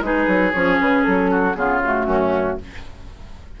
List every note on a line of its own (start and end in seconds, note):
0.00 0.25 G#3
0.00 0.53 D#4
0.00 1.30 G#4
0.00 0.51 B4
0.27 0.52 F#3
0.51 0.80 F3
0.51 1.55 C#4
0.51 0.76 C#5
0.80 1.06 C#3
0.80 1.03 B4
1.03 1.55 F#3
1.03 1.54 A4
1.30 1.56 F#4
1.54 2.06 C#3
1.54 1.80 B3
1.54 2.06 F4
1.54 1.79 G#4
1.83 2.60 A3
1.83 2.60 F#4
2.06 2.57 F#2
2.06 2.57 C#4